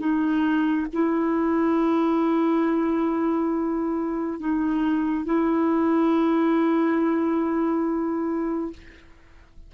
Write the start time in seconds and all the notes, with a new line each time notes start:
0.00 D#4
0.93 E4
4.40 D#4
5.25 E4